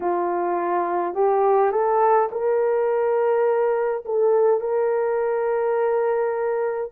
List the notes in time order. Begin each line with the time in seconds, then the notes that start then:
0.00 F4
1.14 G4
1.71 A4
2.31 A#4
4.05 A4
4.60 A#4